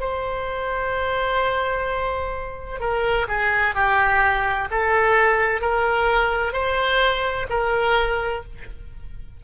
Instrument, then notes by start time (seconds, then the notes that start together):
oboe
0.00 C5
2.80 A#4
3.28 G#4
3.75 G4
4.71 A4
5.61 A#4
6.53 C5
7.49 A#4